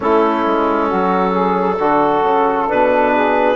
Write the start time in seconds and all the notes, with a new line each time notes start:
0.00 A3 C#4 E4 A4
0.46 G#3
0.88 F#3 F#4
1.31 G#4
1.79 D3 F#4 A4
2.22 C#3
2.67 B2 D4 B4
3.12 G#4